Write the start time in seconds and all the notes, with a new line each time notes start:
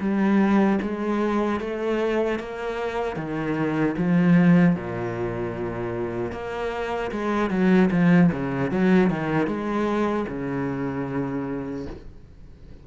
0.00 G3
0.82 G#3
1.61 A3
2.40 A#3
3.17 D#3
3.98 F3
4.76 A#2
6.32 A#3
7.12 G#3
7.50 F#3
7.91 F3
8.33 C#3
8.71 F#3
9.10 D#3
9.47 G#3
10.28 C#3